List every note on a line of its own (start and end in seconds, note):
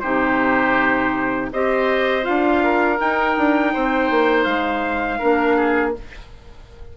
0.00 1.51 C3
0.00 1.51 D#4
0.00 1.50 G4
0.00 1.48 C5
1.52 2.27 C4
1.52 2.23 G4
1.52 2.63 C5
1.52 2.25 D#5
2.23 3.00 D4
2.23 2.97 F4
2.23 2.99 F5
2.63 3.73 A#4
2.98 5.20 D#4
2.98 3.37 D#4
2.98 4.44 G5
3.37 3.74 D4
3.73 4.10 C4
3.73 5.19 C5
4.10 4.46 A#3
4.44 5.20 G#3
4.44 5.92 F5
5.19 5.97 A#3
5.19 5.94 D4
5.19 5.56 A#4
5.56 5.93 G#4